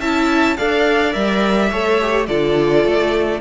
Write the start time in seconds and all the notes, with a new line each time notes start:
0.00 C#4 E4 E5 A5
0.57 D4 A4 D5 F5
1.12 G3 A#4 E5
1.71 A3 A4 C#5
2.02 G4
2.27 D3 F4 A4 D5
2.85 A3